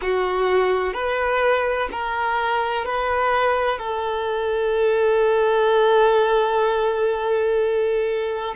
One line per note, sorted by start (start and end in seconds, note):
0.01 0.93 F#4
0.93 1.88 B4
1.91 2.85 A#4
2.85 3.78 B4
3.78 8.55 A4